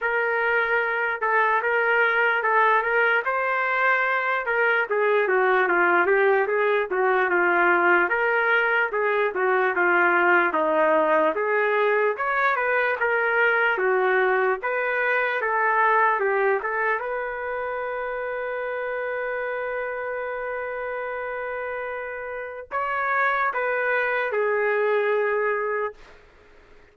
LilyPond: \new Staff \with { instrumentName = "trumpet" } { \time 4/4 \tempo 4 = 74 ais'4. a'8 ais'4 a'8 ais'8 | c''4. ais'8 gis'8 fis'8 f'8 g'8 | gis'8 fis'8 f'4 ais'4 gis'8 fis'8 | f'4 dis'4 gis'4 cis''8 b'8 |
ais'4 fis'4 b'4 a'4 | g'8 a'8 b'2.~ | b'1 | cis''4 b'4 gis'2 | }